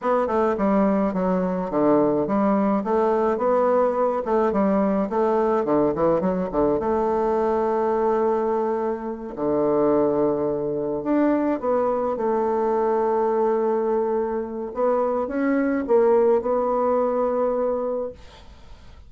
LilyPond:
\new Staff \with { instrumentName = "bassoon" } { \time 4/4 \tempo 4 = 106 b8 a8 g4 fis4 d4 | g4 a4 b4. a8 | g4 a4 d8 e8 fis8 d8 | a1~ |
a8 d2. d'8~ | d'8 b4 a2~ a8~ | a2 b4 cis'4 | ais4 b2. | }